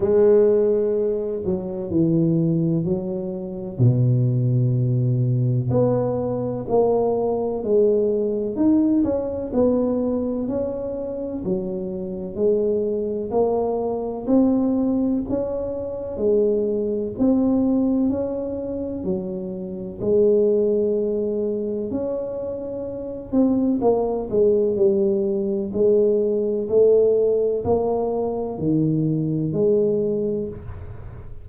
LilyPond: \new Staff \with { instrumentName = "tuba" } { \time 4/4 \tempo 4 = 63 gis4. fis8 e4 fis4 | b,2 b4 ais4 | gis4 dis'8 cis'8 b4 cis'4 | fis4 gis4 ais4 c'4 |
cis'4 gis4 c'4 cis'4 | fis4 gis2 cis'4~ | cis'8 c'8 ais8 gis8 g4 gis4 | a4 ais4 dis4 gis4 | }